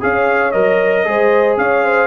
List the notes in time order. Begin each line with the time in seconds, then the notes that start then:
0.00 C#4 G#4 C#5 F5
0.51 F#3 A#4 D#5
1.05 G#3 G#4 C5
1.57 C#4 C#5 F5
1.84 C5